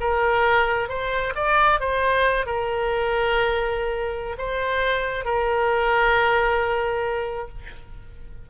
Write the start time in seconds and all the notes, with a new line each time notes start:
0.00 A#4
0.89 C5
1.35 D5
1.80 C5
2.46 A#4
4.38 C5
5.24 A#4